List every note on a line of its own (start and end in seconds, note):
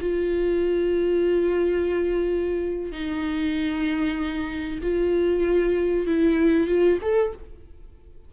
0.00 2.91 F4
2.91 4.79 D#4
4.82 6.06 F4
6.06 6.67 E4
6.67 6.98 F4
7.01 7.33 A4